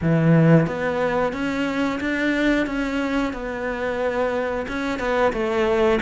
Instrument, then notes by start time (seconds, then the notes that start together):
cello
0.01 E3
0.66 B3
1.32 C#4
2.00 D4
2.66 C#4
3.33 B3
4.68 C#4
4.99 B3
5.32 A3